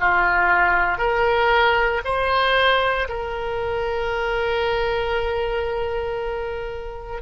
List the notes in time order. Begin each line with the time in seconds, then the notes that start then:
0.00 F4
0.97 A#4
2.04 C5
3.08 A#4